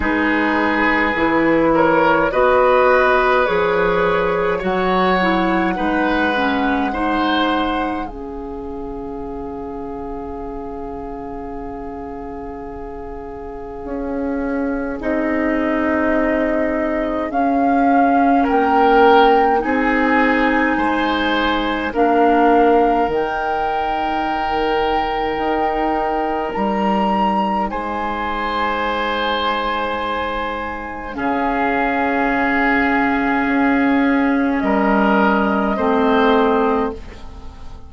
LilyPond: <<
  \new Staff \with { instrumentName = "flute" } { \time 4/4 \tempo 4 = 52 b'4. cis''8 dis''4 cis''4 | fis''2. f''4~ | f''1~ | f''4 dis''2 f''4 |
g''4 gis''2 f''4 | g''2. ais''4 | gis''2. f''4~ | f''2 dis''2 | }
  \new Staff \with { instrumentName = "oboe" } { \time 4/4 gis'4. ais'8 b'2 | cis''4 b'4 c''4 gis'4~ | gis'1~ | gis'1 |
ais'4 gis'4 c''4 ais'4~ | ais'1 | c''2. gis'4~ | gis'2 ais'4 c''4 | }
  \new Staff \with { instrumentName = "clarinet" } { \time 4/4 dis'4 e'4 fis'4 gis'4 | fis'8 e'8 dis'8 cis'8 dis'4 cis'4~ | cis'1~ | cis'4 dis'2 cis'4~ |
cis'4 dis'2 d'4 | dis'1~ | dis'2. cis'4~ | cis'2. c'4 | }
  \new Staff \with { instrumentName = "bassoon" } { \time 4/4 gis4 e4 b4 f4 | fis4 gis2 cis4~ | cis1 | cis'4 c'2 cis'4 |
ais4 c'4 gis4 ais4 | dis2 dis'4 g4 | gis2. cis4~ | cis4 cis'4 g4 a4 | }
>>